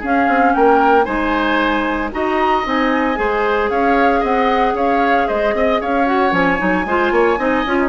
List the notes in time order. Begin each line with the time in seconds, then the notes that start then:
0.00 C#4 G#4 F5
0.28 C4
0.54 A#3 A#4 G5
1.04 G#3 D#4 C5 G#5
2.12 D#4 F#4 D#5 A#5
2.64 C4 D#4 G#5
3.15 G#3 G#4 C5
3.70 C#4 C#5 F5
4.20 C4 D#5 F#5
4.74 C#4 C#5 F5
5.28 G#3 C5 D#5
5.54 C4 D#5
5.81 C#4 C#5 F5
6.06 F#4 F#5
6.30 F3 C#4 G#5
6.58 F#3 D#4
6.85 G#3 F4 C5
7.11 A#3 C#5
7.38 C4 D#4 D#5
7.65 C#4 F4
7.78 D#4